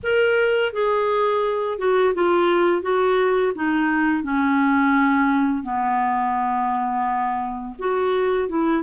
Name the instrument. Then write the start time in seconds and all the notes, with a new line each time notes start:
clarinet
0.03 A#4
0.73 G#4
1.78 F#4
2.14 F4
2.82 F#4
3.55 D#4
4.23 C#4
5.63 B3
7.78 F#4
8.48 E4